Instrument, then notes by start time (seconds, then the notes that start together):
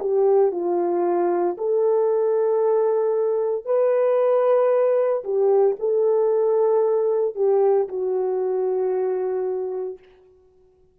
horn
0.00 G4
0.52 F4
1.58 A4
3.66 B4
5.24 G4
5.79 A4
7.35 G4
7.89 F#4